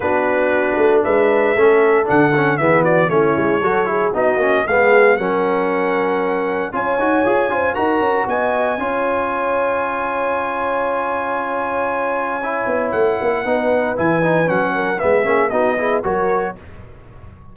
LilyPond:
<<
  \new Staff \with { instrumentName = "trumpet" } { \time 4/4 \tempo 4 = 116 b'2 e''2 | fis''4 e''8 d''8 cis''2 | dis''4 f''4 fis''2~ | fis''4 gis''2 ais''4 |
gis''1~ | gis''1~ | gis''4 fis''2 gis''4 | fis''4 e''4 dis''4 cis''4 | }
  \new Staff \with { instrumentName = "horn" } { \time 4/4 fis'2 b'4 a'4~ | a'4 gis'8 fis'8 e'4 a'8 gis'8 | fis'4 gis'4 ais'2~ | ais'4 cis''4. c''8 ais'4 |
dis''4 cis''2.~ | cis''1~ | cis''2 b'2~ | b'8 ais'8 gis'4 fis'8 gis'8 ais'4 | }
  \new Staff \with { instrumentName = "trombone" } { \time 4/4 d'2. cis'4 | d'8 cis'8 b4 cis'4 fis'8 e'8 | dis'8 cis'8 b4 cis'2~ | cis'4 f'8 fis'8 gis'8 f'8 fis'4~ |
fis'4 f'2.~ | f'1 | e'2 dis'4 e'8 dis'8 | cis'4 b8 cis'8 dis'8 e'8 fis'4 | }
  \new Staff \with { instrumentName = "tuba" } { \time 4/4 b4. a8 gis4 a4 | d4 e4 a8 gis8 fis4 | b8 ais8 gis4 fis2~ | fis4 cis'8 dis'8 f'8 cis'8 dis'8 cis'8 |
b4 cis'2.~ | cis'1~ | cis'8 b8 a8 ais8 b4 e4 | fis4 gis8 ais8 b4 fis4 | }
>>